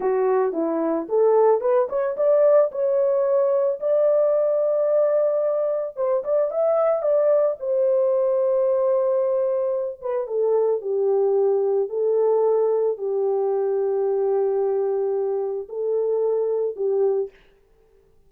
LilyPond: \new Staff \with { instrumentName = "horn" } { \time 4/4 \tempo 4 = 111 fis'4 e'4 a'4 b'8 cis''8 | d''4 cis''2 d''4~ | d''2. c''8 d''8 | e''4 d''4 c''2~ |
c''2~ c''8 b'8 a'4 | g'2 a'2 | g'1~ | g'4 a'2 g'4 | }